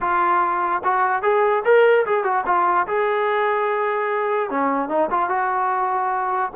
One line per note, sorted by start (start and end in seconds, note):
0.00 0.82 F4
0.83 1.22 F#4
1.22 1.63 G#4
1.64 2.05 A#4
2.06 2.24 G#4
2.24 2.44 F#4
2.45 2.86 F4
2.87 4.49 G#4
4.49 4.88 C#4
4.88 5.09 D#4
5.10 5.29 F4
5.29 6.51 F#4